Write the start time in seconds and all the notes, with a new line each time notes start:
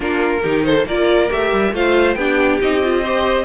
0.00 A#3 D4 F4 A#4
0.42 D#3 D#4 G4
0.64 A4 C5
0.86 A#3 F4 A#4 D5
1.29 A3 G4 E5
1.52 G3
1.72 A3 F4 C5 F5
2.14 B3 D4 G4 G5
2.61 C4 D#4 D#5
2.83 F4
3.01 G4 C5